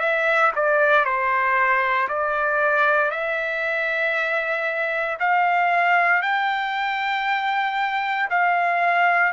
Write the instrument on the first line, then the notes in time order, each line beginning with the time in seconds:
trumpet
0.00 E5
0.56 D5
1.05 C5
2.09 D5
3.11 E5
5.20 F5
6.22 G5
8.30 F5